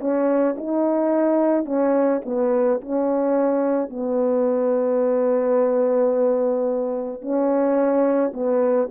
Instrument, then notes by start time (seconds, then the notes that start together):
horn
0.00 C#4
0.58 D#4
1.65 C#4
2.26 B3
2.81 C#4
3.90 B3
7.22 C#4
8.34 B3